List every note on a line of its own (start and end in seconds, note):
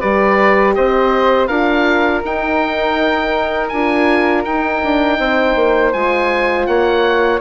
0.00 0.77 G3
0.00 1.49 G4
0.00 0.74 B4
0.00 0.74 D5
0.74 1.48 C4
0.74 1.48 C5
0.74 1.47 D#5
1.47 2.23 D4
1.47 2.23 F4
1.47 5.18 A#4
1.47 2.21 F5
2.23 3.71 D#4
2.23 3.72 D#4
2.23 3.68 G5
3.68 4.45 D4
3.68 4.46 F4
3.68 4.42 G#5
4.45 4.82 D#4
4.45 5.93 D#4
4.45 5.93 G5
4.83 5.19 D4
5.19 5.55 C4
5.19 6.68 C5
5.55 5.92 A#3
5.93 6.67 G#3
5.93 7.41 F4
5.93 6.66 G#5
6.66 7.41 A#3
6.66 7.41 C#5
6.66 7.40 F#5